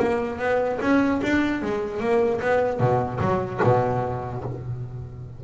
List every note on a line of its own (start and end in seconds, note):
0.00 0.40 A#3
0.40 0.80 B3
0.81 1.22 C#4
1.24 1.63 D4
1.63 2.01 G#3
2.01 2.41 A#3
2.42 2.80 B3
2.80 3.20 B2
3.21 3.61 F#3
3.64 4.44 B2